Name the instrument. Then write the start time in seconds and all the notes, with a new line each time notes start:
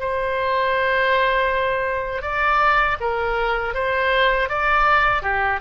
oboe
0.00 C5
2.22 D5
3.00 A#4
3.75 C5
4.49 D5
5.23 G4